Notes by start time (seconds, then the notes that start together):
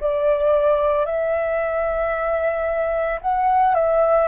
0.00 D5
1.06 E5
3.21 F#5
3.75 E5